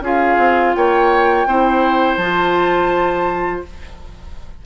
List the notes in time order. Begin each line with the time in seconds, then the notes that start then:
0.00 C#4 F4 G#4 F5
0.37 C4
0.74 A#3 C#5 G5
1.46 C4 E4 C5
2.16 F3 F4 A5